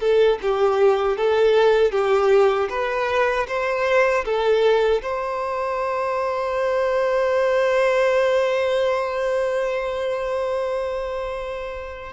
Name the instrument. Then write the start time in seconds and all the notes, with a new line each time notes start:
violin
0.00 A4
0.41 G4
1.16 A4
1.91 G4
2.69 B4
3.48 C5
4.25 A4
5.02 C5